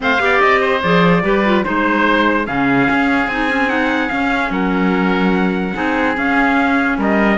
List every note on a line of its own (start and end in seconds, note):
0.00 0.19 A3
0.00 0.18 C4
0.00 0.21 C5
0.00 0.41 F5
0.19 0.40 B3
0.19 0.80 G4
0.19 0.60 D5
0.41 0.83 C4
0.41 0.82 D#5
0.60 1.22 C5
0.82 1.23 F3
0.82 1.23 G#4
0.82 1.64 D5
1.23 1.64 G3
1.23 1.43 G4
1.23 1.65 B4
1.45 1.64 F4
1.64 2.47 G#3
1.64 2.45 D#4
1.64 2.46 C5
2.45 2.88 C#3
2.45 3.27 C#4
2.45 4.52 G#4
2.45 3.28 F5
2.90 3.27 C#4
3.27 4.09 C4
3.27 3.48 D#4
3.27 3.69 G#5
3.48 3.67 C#4
3.67 4.08 D#4
3.67 4.09 F#5
4.09 4.50 C#4
4.09 5.73 C#4
4.09 4.50 F5
4.50 5.73 F#3
4.50 5.75 A#4
4.50 6.16 F#5
5.73 6.17 C4
5.73 6.14 D#4
5.73 6.98 G#4
6.16 7.38 C#4
6.16 6.97 C#4
6.16 6.99 F5
6.97 7.38 G3
6.97 7.38 A#4
6.97 7.38 D#5